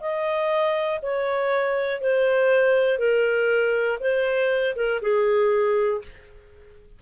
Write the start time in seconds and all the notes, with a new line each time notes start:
0.00 D#5
1.01 C#5
2.00 C5
2.98 A#4
4.00 C5
4.75 A#4
5.01 G#4